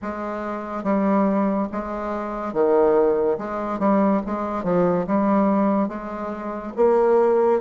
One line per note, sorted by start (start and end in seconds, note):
0.02 0.83 G#3
0.83 1.68 G3
1.72 2.53 G#3
2.53 3.37 D#3
3.38 3.79 G#3
3.79 4.21 G3
4.26 4.63 G#3
4.63 5.06 F3
5.06 5.88 G3
5.88 6.73 G#3
6.76 7.60 A#3